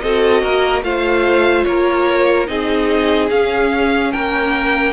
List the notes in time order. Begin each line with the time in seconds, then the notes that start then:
0.00 C4 F#4 A4 D#5
0.42 A#3 A#4
0.82 A3 F4 C5 F5
1.64 A#3 A#4 C#5
2.47 C4 D#4 G#4 D#5
3.30 C#4 F5
4.12 A#3 A#4 G5